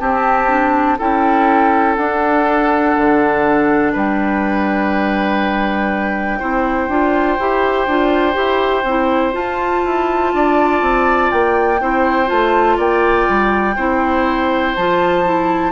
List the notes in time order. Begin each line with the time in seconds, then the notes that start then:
0.00 C4 G4 A5
0.49 D4
0.99 C#4 E4 A4 G5
1.96 D4 F#5
2.98 D3
3.93 G3 B4 G5
6.39 C4 E4 C5
6.89 D4 F4
7.39 E4 G4
7.87 D4 F4
8.33 E4 G4
8.84 C4 E4
9.33 F4 A5
9.85 E4
10.34 D4 D5
10.82 C4
11.31 A#3 G5
11.81 C4 E4 C5
12.27 A3 F4 A5
12.77 A#3 D5 G5
13.29 G3
13.76 C4 E4 C5
14.76 F3 F4 A5
15.25 E4